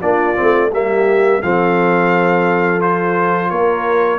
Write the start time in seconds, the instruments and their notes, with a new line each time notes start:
0.00 tuba A#3, trombone D4, horn F4, trumpet D5
0.35 tuba A3, trombone C4
0.72 tuba G3, trombone A#3, horn G4, trumpet E5
1.42 tuba F3, trombone C4, horn A4, trumpet F5
2.79 trombone F4, trumpet C5
3.50 tuba A#3, horn A#4, trumpet C#5